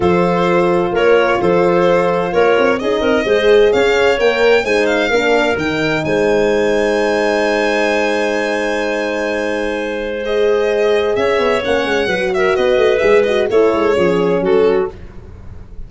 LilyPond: <<
  \new Staff \with { instrumentName = "violin" } { \time 4/4 \tempo 4 = 129 c''2 cis''4 c''4~ | c''4 cis''4 dis''2 | f''4 g''4 gis''8 f''4. | g''4 gis''2.~ |
gis''1~ | gis''2 dis''2 | e''4 fis''4. e''8 dis''4 | e''8 dis''8 cis''2 a'4 | }
  \new Staff \with { instrumentName = "clarinet" } { \time 4/4 a'2 ais'4 a'4~ | a'4 ais'4 gis'8 ais'8 c''4 | cis''2 c''4 ais'4~ | ais'4 c''2.~ |
c''1~ | c''1 | cis''2 b'8 ais'8 b'4~ | b'4 a'4 gis'4 fis'4 | }
  \new Staff \with { instrumentName = "horn" } { \time 4/4 f'1~ | f'2 dis'4 gis'4~ | gis'4 ais'4 dis'4 d'4 | dis'1~ |
dis'1~ | dis'2 gis'2~ | gis'4 cis'4 fis'2 | gis'8 fis'8 e'4 cis'2 | }
  \new Staff \with { instrumentName = "tuba" } { \time 4/4 f2 ais4 f4~ | f4 ais8 c'8 cis'8 c'8 gis4 | cis'4 ais4 gis4 ais4 | dis4 gis2.~ |
gis1~ | gis1 | cis'8 b8 ais8 gis8 fis4 b8 a8 | gis4 a8 gis8 f4 fis4 | }
>>